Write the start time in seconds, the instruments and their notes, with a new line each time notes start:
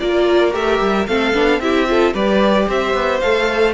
0.00 cello A#3, viola F4, violin A#4 D5
0.52 cello A3, viola G4, violin E5
0.81 cello G3
1.07 cello A3, viola C4, violin A4 F5
1.34 cello B3, viola D4
1.60 cello C4, viola E4, violin G4 E5
1.87 viola F4, violin A4
2.14 cello G3, viola G4, violin B4 D5
2.67 cello C4, violin C5 E5
2.94 cello B3
3.21 cello A3, viola A4, violin F5